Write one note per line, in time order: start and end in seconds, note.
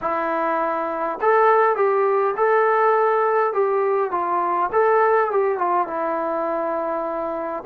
0.01 1.19 E4
1.21 1.76 A4
1.76 2.34 G4
2.36 3.53 A4
3.53 4.11 G4
4.11 4.70 F4
4.72 5.31 A4
5.31 5.57 G4
5.57 5.87 F4
5.87 7.63 E4